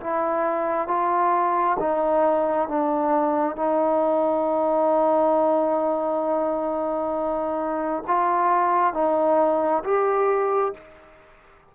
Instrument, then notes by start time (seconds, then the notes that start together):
trombone
0.00 E4
0.88 F4
1.79 D#4
2.68 D4
3.56 D#4
8.07 F4
8.93 D#4
9.84 G4